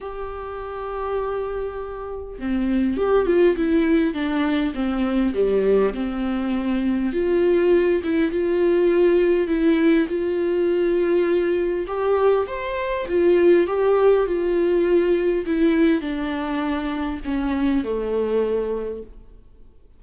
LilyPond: \new Staff \with { instrumentName = "viola" } { \time 4/4 \tempo 4 = 101 g'1 | c'4 g'8 f'8 e'4 d'4 | c'4 g4 c'2 | f'4. e'8 f'2 |
e'4 f'2. | g'4 c''4 f'4 g'4 | f'2 e'4 d'4~ | d'4 cis'4 a2 | }